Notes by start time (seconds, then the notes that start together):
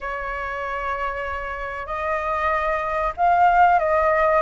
0.01 C#5
1.86 D#5
3.17 F5
3.79 D#5